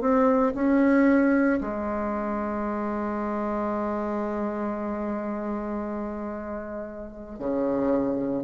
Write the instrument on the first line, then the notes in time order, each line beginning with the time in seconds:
bassoon
0.00 C4
0.54 C#4
1.60 G#3
7.38 C#3